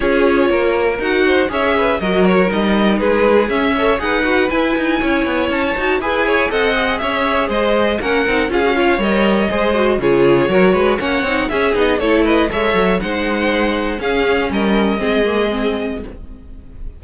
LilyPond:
<<
  \new Staff \with { instrumentName = "violin" } { \time 4/4 \tempo 4 = 120 cis''2 fis''4 e''4 | dis''8 cis''8 dis''4 b'4 e''4 | fis''4 gis''2 a''4 | gis''4 fis''4 e''4 dis''4 |
fis''4 f''4 dis''2 | cis''2 fis''4 e''8 dis''8 | cis''8 dis''8 e''4 fis''2 | f''4 dis''2. | }
  \new Staff \with { instrumentName = "violin" } { \time 4/4 gis'4 ais'4. c''8 cis''8 b'8 | ais'2 gis'4. cis''8 | b'2 cis''2 | b'8 cis''8 dis''4 cis''4 c''4 |
ais'4 gis'8 cis''4. c''4 | gis'4 ais'8 b'8 cis''4 gis'4 | a'8 b'8 cis''4 c''2 | gis'4 ais'4 gis'2 | }
  \new Staff \with { instrumentName = "viola" } { \time 4/4 f'2 fis'4 gis'4 | fis'4 dis'2 cis'8 a'8 | gis'8 fis'8 e'2~ e'8 fis'8 | gis'4 a'8 gis'2~ gis'8 |
cis'8 dis'8 f'16 fis'16 f'8 ais'4 gis'8 fis'8 | f'4 fis'4 cis'8 dis'8 cis'8 dis'8 | e'4 a'4 dis'2 | cis'2 c'8 ais8 c'4 | }
  \new Staff \with { instrumentName = "cello" } { \time 4/4 cis'4 ais4 dis'4 cis'4 | fis4 g4 gis4 cis'4 | dis'4 e'8 dis'8 cis'8 b8 cis'8 dis'8 | e'4 c'4 cis'4 gis4 |
ais8 c'8 cis'4 g4 gis4 | cis4 fis8 gis8 ais8 c'8 cis'8 b8 | a4 gis8 fis8 gis2 | cis'4 g4 gis2 | }
>>